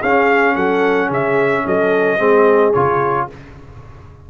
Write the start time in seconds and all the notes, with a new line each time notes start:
0.00 C#4 G#4 F5
0.55 F#3 A4 F#5
1.07 C#3 G#4 E5
1.65 F#3 A4 D#5
2.18 G#3 C4 G#4
2.73 C#3 F4 C#5